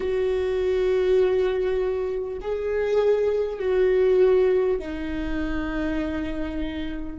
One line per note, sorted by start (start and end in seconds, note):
0.00 2.38 F#4
2.41 3.59 G#4
3.59 4.79 F#4
4.79 7.18 D#4